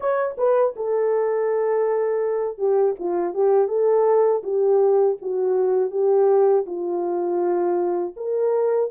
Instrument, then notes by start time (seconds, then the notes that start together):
horn
0.00 C#5
0.37 B4
0.76 A4
2.58 G4
2.99 F4
3.34 G4
3.67 A4
4.43 G4
5.21 F#4
5.90 G4
6.66 F4
8.16 A#4